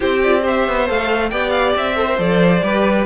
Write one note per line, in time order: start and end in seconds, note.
0.00 0.68 C4
0.00 0.19 E4
0.00 0.42 G4
0.00 0.22 C5
0.22 0.41 F4
0.22 0.44 D5
0.41 0.85 G4
0.41 1.30 C5
0.41 0.89 E5
0.68 0.89 B3
0.87 1.31 A3
0.87 1.31 A4
0.87 1.30 F5
1.30 1.75 B3
1.30 1.95 G4
1.30 1.97 D5
1.30 1.49 G5
1.49 1.71 F5
1.75 2.18 C4
1.75 2.19 E5
1.95 2.06 A4
1.95 2.64 C5
2.07 2.17 A#4
2.17 2.62 F3
2.17 2.61 A4
2.17 3.05 D5
2.62 3.05 G3
2.62 3.05 G4
2.62 3.05 B4